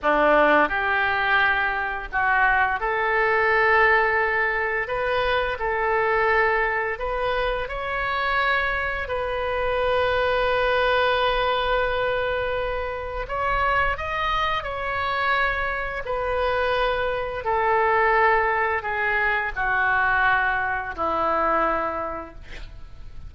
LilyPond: \new Staff \with { instrumentName = "oboe" } { \time 4/4 \tempo 4 = 86 d'4 g'2 fis'4 | a'2. b'4 | a'2 b'4 cis''4~ | cis''4 b'2.~ |
b'2. cis''4 | dis''4 cis''2 b'4~ | b'4 a'2 gis'4 | fis'2 e'2 | }